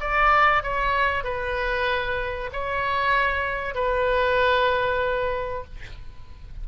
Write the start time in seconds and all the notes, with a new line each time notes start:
0.00 D5
0.63 C#5
1.24 B4
2.52 C#5
3.74 B4